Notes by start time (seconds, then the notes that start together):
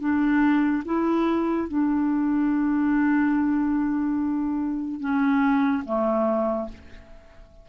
0.00 D4
0.85 E4
1.68 D4
5.00 C#4
5.85 A3